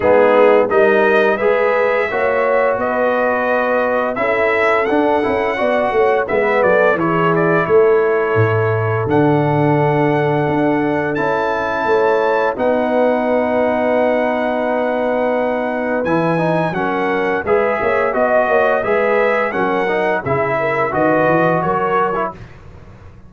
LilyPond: <<
  \new Staff \with { instrumentName = "trumpet" } { \time 4/4 \tempo 4 = 86 gis'4 dis''4 e''2 | dis''2 e''4 fis''4~ | fis''4 e''8 d''8 cis''8 d''8 cis''4~ | cis''4 fis''2. |
a''2 fis''2~ | fis''2. gis''4 | fis''4 e''4 dis''4 e''4 | fis''4 e''4 dis''4 cis''4 | }
  \new Staff \with { instrumentName = "horn" } { \time 4/4 dis'4 ais'4 b'4 cis''4 | b'2 a'2 | d''8 cis''8 b'8 a'8 gis'4 a'4~ | a'1~ |
a'4 cis''4 b'2~ | b'1 | ais'4 b'8 cis''8 dis''8 cis''8 b'4 | ais'4 gis'8 ais'8 b'4 ais'4 | }
  \new Staff \with { instrumentName = "trombone" } { \time 4/4 b4 dis'4 gis'4 fis'4~ | fis'2 e'4 d'8 e'8 | fis'4 b4 e'2~ | e'4 d'2. |
e'2 dis'2~ | dis'2. e'8 dis'8 | cis'4 gis'4 fis'4 gis'4 | cis'8 dis'8 e'4 fis'4.~ fis'16 e'16 | }
  \new Staff \with { instrumentName = "tuba" } { \time 4/4 gis4 g4 gis4 ais4 | b2 cis'4 d'8 cis'8 | b8 a8 gis8 fis8 e4 a4 | a,4 d2 d'4 |
cis'4 a4 b2~ | b2. e4 | fis4 gis8 ais8 b8 ais8 gis4 | fis4 cis4 dis8 e8 fis4 | }
>>